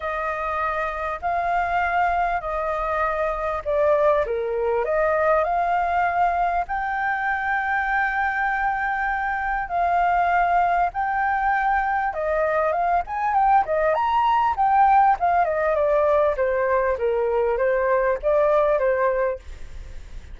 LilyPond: \new Staff \with { instrumentName = "flute" } { \time 4/4 \tempo 4 = 99 dis''2 f''2 | dis''2 d''4 ais'4 | dis''4 f''2 g''4~ | g''1 |
f''2 g''2 | dis''4 f''8 gis''8 g''8 dis''8 ais''4 | g''4 f''8 dis''8 d''4 c''4 | ais'4 c''4 d''4 c''4 | }